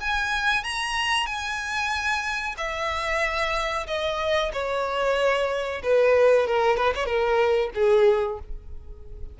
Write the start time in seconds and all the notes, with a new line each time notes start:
0.00 G#5
0.64 A#5
1.26 G#5
2.57 E5
3.87 D#5
4.52 C#5
5.83 B4
6.47 A#4
6.77 B4
6.95 C#5
7.05 A#4
7.74 G#4